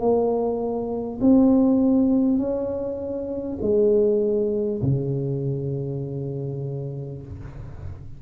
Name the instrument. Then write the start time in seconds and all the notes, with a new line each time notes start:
tuba
0.00 A#3
1.21 C4
2.38 C#4
3.62 G#3
4.82 C#3